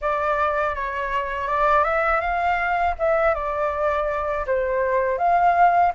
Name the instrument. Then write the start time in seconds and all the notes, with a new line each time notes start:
flute
0.01 D5
0.75 C#5
1.47 D5
1.84 E5
2.20 F5
2.98 E5
3.34 D5
4.46 C5
5.18 F5